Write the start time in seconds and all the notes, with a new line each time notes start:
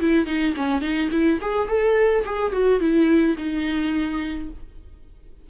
0.00 E4
0.26 D#4
0.56 C#4
0.81 D#4
1.11 E4
1.41 G#4
1.68 A4
2.25 G#4
2.52 F#4
2.80 E4
3.37 D#4